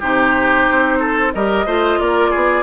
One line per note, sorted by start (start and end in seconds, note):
0.00 0.68 C3
0.00 1.33 D#4
0.00 0.99 G4
0.00 1.34 C5
0.70 1.35 C4
1.00 1.33 A4
1.34 1.66 G3
1.34 1.67 G4
1.34 1.66 A#4
1.34 2.00 D#5
1.66 1.99 A3
1.66 2.63 F4
1.66 1.99 C5
2.00 2.34 A#3
2.00 2.31 A#4
2.00 2.63 D5
2.31 2.63 B3
2.31 2.63 G#4